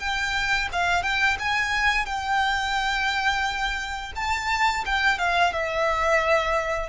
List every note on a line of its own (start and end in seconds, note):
0.00 0.69 G5
0.73 1.03 F5
1.03 1.38 G5
1.39 2.06 G#5
2.06 4.13 G5
4.16 4.85 A5
4.86 5.19 G5
5.19 5.53 F5
5.53 6.89 E5